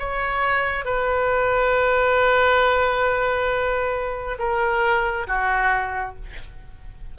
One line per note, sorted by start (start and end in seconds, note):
0.00 0.85 C#5
0.85 4.38 B4
4.39 5.27 A#4
5.28 6.16 F#4